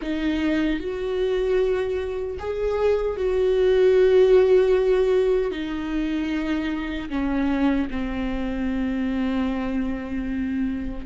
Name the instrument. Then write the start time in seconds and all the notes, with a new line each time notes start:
viola
0.01 D#4
0.79 F#4
2.39 G#4
3.16 F#4
5.51 D#4
7.09 C#4
7.90 C4